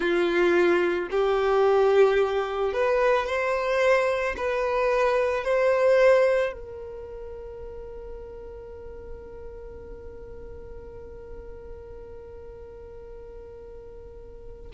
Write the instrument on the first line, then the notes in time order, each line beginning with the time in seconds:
violin
0.00 F4
1.10 G4
2.73 B4
3.26 C5
4.36 B4
5.44 C5
6.52 A#4